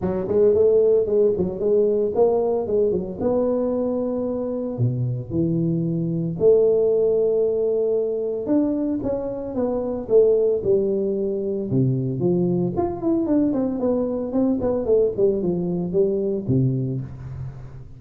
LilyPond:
\new Staff \with { instrumentName = "tuba" } { \time 4/4 \tempo 4 = 113 fis8 gis8 a4 gis8 fis8 gis4 | ais4 gis8 fis8 b2~ | b4 b,4 e2 | a1 |
d'4 cis'4 b4 a4 | g2 c4 f4 | f'8 e'8 d'8 c'8 b4 c'8 b8 | a8 g8 f4 g4 c4 | }